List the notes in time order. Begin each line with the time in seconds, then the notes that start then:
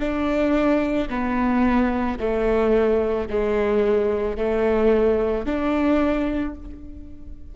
0.00 D4
1.10 B3
2.20 A3
3.30 G#3
4.37 A3
5.46 D4